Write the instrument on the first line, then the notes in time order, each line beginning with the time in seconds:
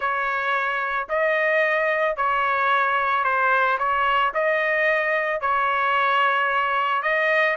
trumpet
0.00 C#5
1.09 D#5
2.16 C#5
3.24 C5
3.78 C#5
4.34 D#5
5.40 C#5
7.02 D#5